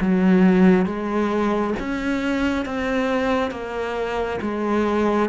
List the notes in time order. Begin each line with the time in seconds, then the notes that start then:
0.00 F#3
0.85 G#3
1.79 C#4
2.65 C4
3.51 A#3
4.41 G#3